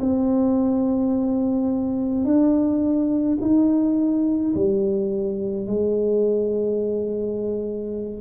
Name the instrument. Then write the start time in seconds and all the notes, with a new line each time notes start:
tuba
0.00 C4
2.25 D4
3.41 D#4
4.55 G3
5.67 G#3